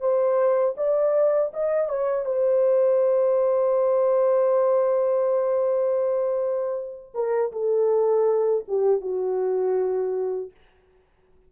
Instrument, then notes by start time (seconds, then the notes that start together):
horn
0.00 C5
0.77 D5
1.53 D#5
1.89 C#5
2.25 C5
7.14 A#4
7.52 A4
8.68 G4
9.01 F#4